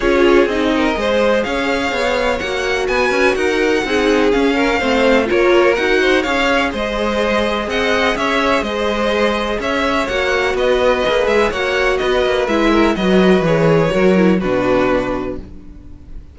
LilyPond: <<
  \new Staff \with { instrumentName = "violin" } { \time 4/4 \tempo 4 = 125 cis''4 dis''2 f''4~ | f''4 fis''4 gis''4 fis''4~ | fis''4 f''2 cis''4 | fis''4 f''4 dis''2 |
fis''4 e''4 dis''2 | e''4 fis''4 dis''4. e''8 | fis''4 dis''4 e''4 dis''4 | cis''2 b'2 | }
  \new Staff \with { instrumentName = "violin" } { \time 4/4 gis'4. ais'8 c''4 cis''4~ | cis''2 b'4 ais'4 | gis'4. ais'8 c''4 ais'4~ | ais'8 c''8 cis''4 c''2 |
dis''4 cis''4 c''2 | cis''2 b'2 | cis''4 b'4. ais'8 b'4~ | b'4 ais'4 fis'2 | }
  \new Staff \with { instrumentName = "viola" } { \time 4/4 f'4 dis'4 gis'2~ | gis'4 fis'2. | dis'4 cis'4 c'4 f'4 | fis'4 gis'2.~ |
gis'1~ | gis'4 fis'2 gis'4 | fis'2 e'4 fis'4 | gis'4 fis'8 e'8 d'2 | }
  \new Staff \with { instrumentName = "cello" } { \time 4/4 cis'4 c'4 gis4 cis'4 | b4 ais4 b8 cis'8 dis'4 | c'4 cis'4 a4 ais4 | dis'4 cis'4 gis2 |
c'4 cis'4 gis2 | cis'4 ais4 b4 ais8 gis8 | ais4 b8 ais8 gis4 fis4 | e4 fis4 b,2 | }
>>